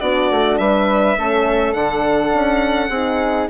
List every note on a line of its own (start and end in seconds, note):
0.00 0.31 B3
0.00 1.19 D4
0.00 0.58 F#4
0.00 0.58 D5
0.31 0.59 A3
0.58 1.17 G3
0.58 1.18 B4
0.58 1.73 E5
1.18 1.74 A3
1.18 1.75 C#4
1.18 2.90 A4
1.73 2.33 D3
1.73 2.91 D4
1.73 3.48 F#5
2.34 2.90 C#4
2.90 3.48 C4
2.90 3.50 D#4
2.90 3.48 G#4